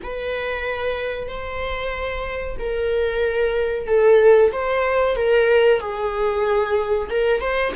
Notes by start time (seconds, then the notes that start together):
0.03 B4
1.27 C5
2.59 A#4
3.87 A4
4.52 C5
5.16 A#4
5.80 G#4
7.09 A#4
7.40 C5